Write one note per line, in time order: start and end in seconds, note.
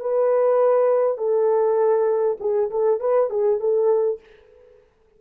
0.00 1.18 B4
1.18 2.38 A4
2.40 2.70 G#4
2.70 3.00 A4
3.00 3.30 B4
3.30 3.60 G#4
3.60 4.20 A4